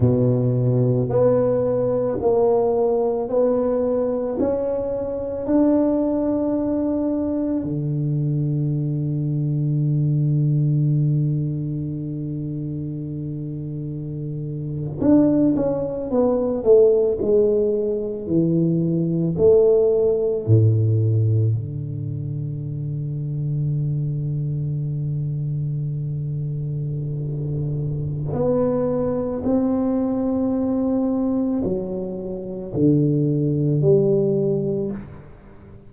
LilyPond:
\new Staff \with { instrumentName = "tuba" } { \time 4/4 \tempo 4 = 55 b,4 b4 ais4 b4 | cis'4 d'2 d4~ | d1~ | d4.~ d16 d'8 cis'8 b8 a8 gis16~ |
gis8. e4 a4 a,4 d16~ | d1~ | d2 b4 c'4~ | c'4 fis4 d4 g4 | }